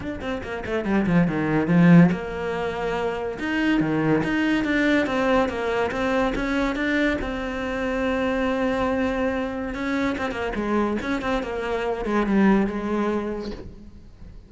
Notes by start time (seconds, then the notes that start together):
0.00 D4
0.21 C4
0.43 A#3
0.65 A3
0.85 G3
1.06 F3
1.27 D#3
1.67 F3
2.11 A#3
3.39 D#4
3.80 D#3
4.23 D#4
4.64 D4
5.06 C4
5.48 A#3
5.91 C4
6.35 C#4
6.75 D4
7.21 C4
9.74 C#4
10.17 C4
10.31 A#3
10.55 G#3
11.02 C#4
11.21 C4
11.42 A#3
12.05 G#3
12.26 G3
12.66 G#3